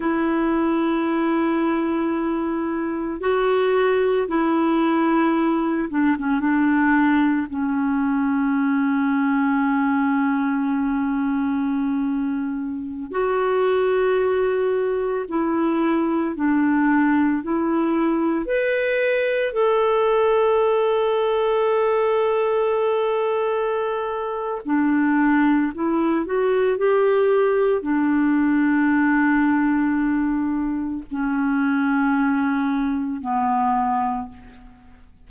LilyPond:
\new Staff \with { instrumentName = "clarinet" } { \time 4/4 \tempo 4 = 56 e'2. fis'4 | e'4. d'16 cis'16 d'4 cis'4~ | cis'1~ | cis'16 fis'2 e'4 d'8.~ |
d'16 e'4 b'4 a'4.~ a'16~ | a'2. d'4 | e'8 fis'8 g'4 d'2~ | d'4 cis'2 b4 | }